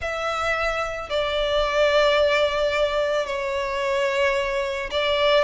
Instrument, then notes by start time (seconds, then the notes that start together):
violin
0.00 E5
1.09 D5
3.26 C#5
4.90 D5